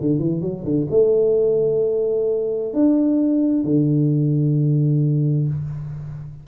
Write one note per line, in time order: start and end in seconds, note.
0.00 0.18 D3
0.18 0.41 E3
0.41 0.64 F#3
0.64 0.87 D3
0.90 2.73 A3
2.73 3.64 D4
3.64 5.47 D3